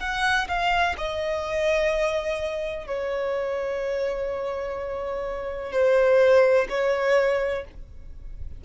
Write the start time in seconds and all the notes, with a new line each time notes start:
0.00 F#5
0.48 F5
0.97 D#5
2.87 C#5
5.72 C5
6.69 C#5